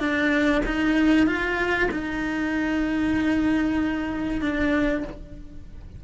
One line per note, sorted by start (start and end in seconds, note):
0.00 0.62 D4
0.66 1.27 D#4
1.27 1.90 F4
1.92 4.41 D#4
4.41 5.04 D4